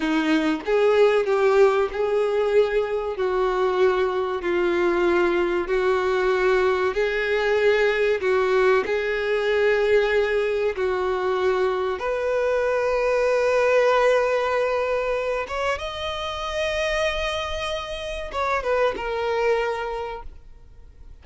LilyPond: \new Staff \with { instrumentName = "violin" } { \time 4/4 \tempo 4 = 95 dis'4 gis'4 g'4 gis'4~ | gis'4 fis'2 f'4~ | f'4 fis'2 gis'4~ | gis'4 fis'4 gis'2~ |
gis'4 fis'2 b'4~ | b'1~ | b'8 cis''8 dis''2.~ | dis''4 cis''8 b'8 ais'2 | }